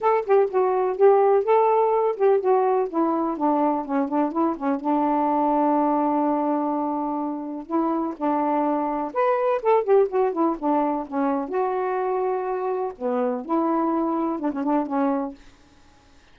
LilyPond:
\new Staff \with { instrumentName = "saxophone" } { \time 4/4 \tempo 4 = 125 a'8 g'8 fis'4 g'4 a'4~ | a'8 g'8 fis'4 e'4 d'4 | cis'8 d'8 e'8 cis'8 d'2~ | d'1 |
e'4 d'2 b'4 | a'8 g'8 fis'8 e'8 d'4 cis'4 | fis'2. b4 | e'2 d'16 cis'16 d'8 cis'4 | }